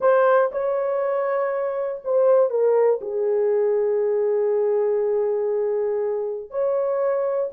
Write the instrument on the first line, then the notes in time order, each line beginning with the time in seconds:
horn
0.00 C5
0.51 C#5
2.04 C5
2.50 A#4
3.01 G#4
6.50 C#5